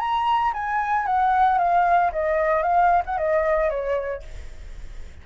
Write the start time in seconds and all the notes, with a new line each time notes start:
0.00 A#5
0.54 G#5
1.06 F#5
1.59 F5
2.13 D#5
2.63 F5
3.06 F#5
3.18 D#5
3.70 C#5